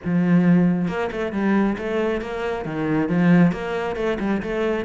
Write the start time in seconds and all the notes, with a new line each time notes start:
0.04 F3
0.88 A#3
1.11 A3
1.32 G3
1.78 A3
2.21 A#3
2.65 D#3
3.09 F3
3.52 A#3
3.95 A3
4.19 G3
4.42 A3